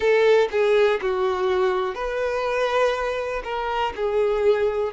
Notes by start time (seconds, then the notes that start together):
0.00 A4
0.51 G#4
1.01 F#4
1.94 B4
3.44 A#4
3.96 G#4